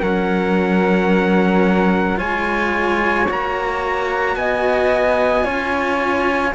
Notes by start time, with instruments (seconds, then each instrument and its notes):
0.00 cello F#3 C#4, flute A#4, trumpet F#5
2.16 cello G#3 F4, flute C#5, trumpet G#5
3.28 cello A#3 F#4, trumpet A#5
4.35 cello B3, flute D#5, trumpet G#5
5.43 cello C#4 F4, flute C#5